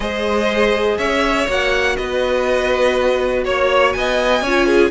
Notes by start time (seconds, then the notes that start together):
0.00 G#3 G#4 C5 D#5
0.97 C#4 C#5 E5
1.47 A#3 F#4 F#5
1.96 B3 B4 D#5
3.44 A#3 C#5
3.93 B3 D#5 G#5
4.41 C#4 F4 C#5
4.66 G#4